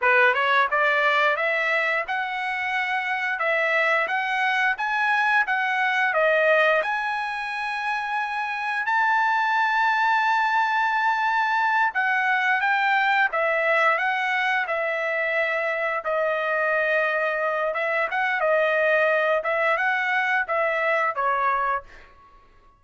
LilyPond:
\new Staff \with { instrumentName = "trumpet" } { \time 4/4 \tempo 4 = 88 b'8 cis''8 d''4 e''4 fis''4~ | fis''4 e''4 fis''4 gis''4 | fis''4 dis''4 gis''2~ | gis''4 a''2.~ |
a''4. fis''4 g''4 e''8~ | e''8 fis''4 e''2 dis''8~ | dis''2 e''8 fis''8 dis''4~ | dis''8 e''8 fis''4 e''4 cis''4 | }